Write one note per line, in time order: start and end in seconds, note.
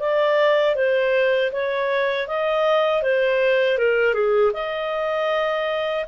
0.00 0.76 D5
0.76 1.52 C5
1.52 2.28 C#5
2.28 3.03 D#5
3.03 3.78 C5
3.78 4.14 A#4
4.14 4.52 G#4
4.54 6.06 D#5